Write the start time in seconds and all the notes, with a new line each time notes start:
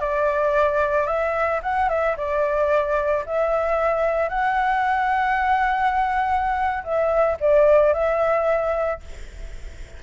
0.00 D5
1.07 E5
1.63 F#5
1.89 E5
2.17 D5
3.26 E5
4.29 F#5
6.84 E5
7.41 D5
7.94 E5